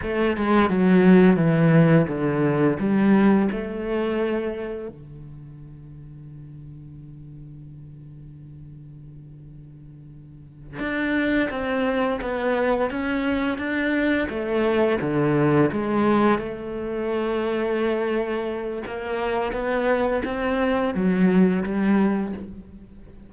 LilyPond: \new Staff \with { instrumentName = "cello" } { \time 4/4 \tempo 4 = 86 a8 gis8 fis4 e4 d4 | g4 a2 d4~ | d1~ | d2.~ d8 d'8~ |
d'8 c'4 b4 cis'4 d'8~ | d'8 a4 d4 gis4 a8~ | a2. ais4 | b4 c'4 fis4 g4 | }